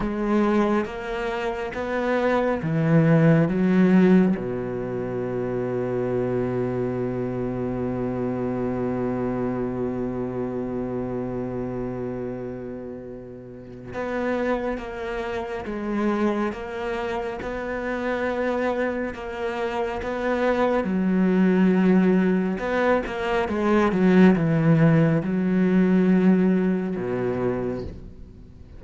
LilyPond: \new Staff \with { instrumentName = "cello" } { \time 4/4 \tempo 4 = 69 gis4 ais4 b4 e4 | fis4 b,2.~ | b,1~ | b,1 |
b4 ais4 gis4 ais4 | b2 ais4 b4 | fis2 b8 ais8 gis8 fis8 | e4 fis2 b,4 | }